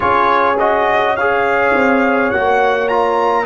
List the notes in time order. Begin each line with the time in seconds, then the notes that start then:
0.00 C#4 F4 G#4 C#5
0.58 F#4 D#5
1.15 G#4 C#5 F5
1.73 C4
2.30 A#3 F#4 F#5
2.88 F4 A#5